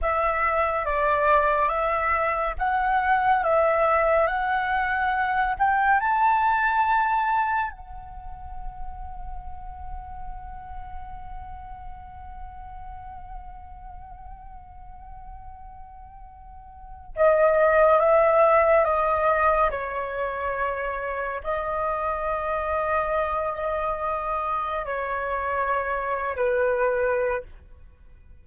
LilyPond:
\new Staff \with { instrumentName = "flute" } { \time 4/4 \tempo 4 = 70 e''4 d''4 e''4 fis''4 | e''4 fis''4. g''8 a''4~ | a''4 fis''2.~ | fis''1~ |
fis''1 | dis''4 e''4 dis''4 cis''4~ | cis''4 dis''2.~ | dis''4 cis''4.~ cis''16 b'4~ b'16 | }